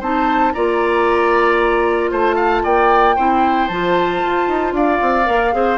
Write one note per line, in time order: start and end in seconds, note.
0.00 0.54 C4
0.00 0.55 D#4
0.00 0.53 C5
0.00 0.53 A5
0.53 2.11 A#3
0.53 3.18 F4
0.53 2.11 D5
0.53 2.11 A#5
2.11 2.64 A3
2.11 2.36 C5
2.11 2.65 A5
2.36 2.62 F5
2.64 3.17 A#3
2.64 3.16 D5
2.64 3.68 G5
3.16 3.69 C4
3.16 3.70 E4
3.16 4.74 C5
3.68 4.22 F3
3.68 5.25 F4
3.68 4.73 A5
4.22 4.48 F4
4.48 4.72 D#4
4.72 4.99 D4
4.72 5.55 D5
4.72 5.78 F5
5.01 5.28 C4
5.25 5.53 A#3
5.25 5.51 A#4
5.52 5.78 C4
5.52 5.78 G#4
5.52 5.78 C5